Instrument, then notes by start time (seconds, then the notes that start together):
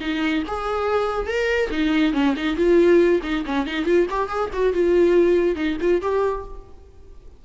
viola
0.00 D#4
0.47 G#4
1.27 A#4
1.70 D#4
2.13 C#4
2.36 D#4
2.56 F4
3.23 D#4
3.45 C#4
3.66 D#4
3.85 F4
4.10 G4
4.28 G#4
4.53 F#4
4.73 F4
5.56 D#4
5.81 F4
6.02 G4